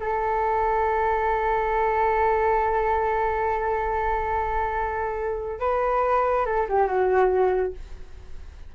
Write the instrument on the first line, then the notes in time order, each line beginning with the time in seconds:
flute
0.00 A4
5.59 B4
6.46 A4
6.69 G4
6.87 F#4